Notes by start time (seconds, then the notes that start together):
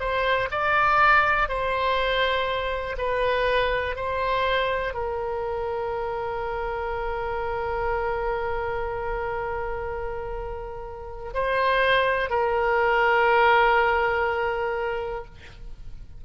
0.00 C5
0.51 D5
1.48 C5
2.98 B4
3.96 C5
4.94 A#4
11.34 C5
12.30 A#4